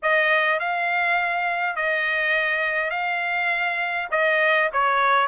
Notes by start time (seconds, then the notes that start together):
0.02 D#5
0.59 F5
1.76 D#5
2.90 F5
4.11 D#5
4.72 C#5